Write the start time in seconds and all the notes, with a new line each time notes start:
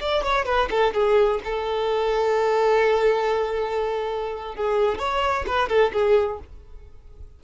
0.00 D5
0.23 C#5
0.45 B4
0.70 A4
0.93 G#4
1.44 A4
4.55 G#4
4.99 C#5
5.47 B4
5.69 A4
5.93 G#4